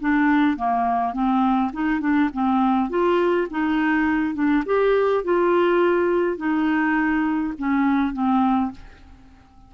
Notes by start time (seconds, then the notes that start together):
0.00 D4
0.57 A#3
1.13 C4
1.72 D#4
2.00 D4
2.33 C4
2.89 F4
3.50 D#4
4.34 D4
4.65 G4
5.24 F4
6.37 D#4
7.58 C#4
8.13 C4